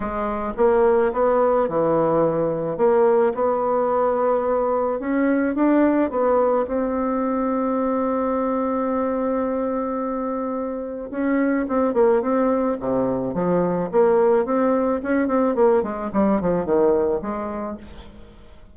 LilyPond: \new Staff \with { instrumentName = "bassoon" } { \time 4/4 \tempo 4 = 108 gis4 ais4 b4 e4~ | e4 ais4 b2~ | b4 cis'4 d'4 b4 | c'1~ |
c'1 | cis'4 c'8 ais8 c'4 c4 | f4 ais4 c'4 cis'8 c'8 | ais8 gis8 g8 f8 dis4 gis4 | }